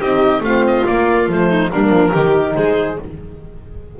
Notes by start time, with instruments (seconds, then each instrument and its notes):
0.00 double bass C4, horn D#4, violin G4, oboe D#5
0.40 double bass A3, horn C4, violin F4, oboe F5
0.67 oboe D#5
0.86 horn A#3, double bass A#3, oboe D5
1.28 double bass F3, horn A3, oboe C5
1.49 violin D#4
1.71 double bass G3, horn A#3, violin D4, oboe A#4
1.90 double bass F3
2.12 double bass D#3, horn D#4, violin G4
2.55 double bass G#3, violin G#4, oboe C5